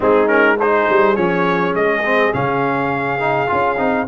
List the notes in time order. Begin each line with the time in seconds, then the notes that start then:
0.00 G#3 C4 D#4 G#4
0.27 C#4 A#4
0.60 D#4 G#4 C5
0.89 G3
1.15 F3 C#4 C#5
1.75 G#3 D#5
2.05 C4
2.33 C#3 C#4 F5
3.19 D#4
3.47 C#4 F4
3.77 C4 D#4